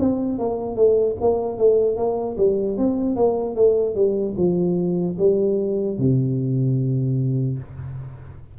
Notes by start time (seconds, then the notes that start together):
0.00 C4
0.39 A#3
0.76 A3
1.21 A#3
1.58 A3
1.97 A#3
2.38 G3
2.78 C4
3.16 A#3
3.56 A3
3.96 G3
4.37 F3
5.19 G3
5.99 C3